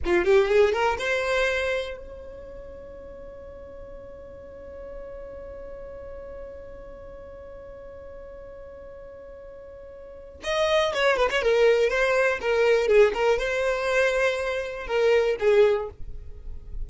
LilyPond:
\new Staff \with { instrumentName = "violin" } { \time 4/4 \tempo 4 = 121 f'8 g'8 gis'8 ais'8 c''2 | cis''1~ | cis''1~ | cis''1~ |
cis''1~ | cis''4 dis''4 cis''8 b'16 cis''16 ais'4 | c''4 ais'4 gis'8 ais'8 c''4~ | c''2 ais'4 gis'4 | }